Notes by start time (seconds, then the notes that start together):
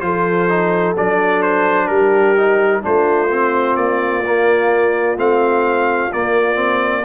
0.00 F3 F4 A4 C5
0.49 D#4
0.97 F#3 D4 D5
1.42 C5
1.87 G3 G4 A#4
2.37 D#4
2.82 A3 D4 F4 C5
3.30 C4
3.75 A#3 D5
4.26 A#3
5.17 A3 C4 F5
6.12 A#3 D5
6.55 C4